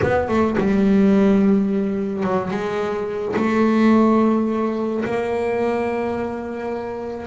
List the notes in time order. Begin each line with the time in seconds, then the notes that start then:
0.02 B3
0.28 A3
0.57 G3
2.23 F#3
2.50 G#3
3.36 A3
5.04 A#3